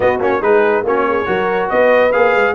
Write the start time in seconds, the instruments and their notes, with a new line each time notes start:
0.00 trombone B3, tuba B3, horn F#4, trumpet D#5
0.20 tuba A#3, trombone C#4, trumpet C#5
0.41 tuba G#3, trombone D#4, horn G#4, trumpet B4
0.83 tuba A#3, trombone C#4, horn F#4, trumpet C#5
1.08 horn G#4
1.25 tuba F#3, trombone F#4, horn A#4
1.68 tuba B3, horn B4, trumpet D#5
2.12 tuba A#3, trombone G#4, trumpet F5
2.35 tuba G#3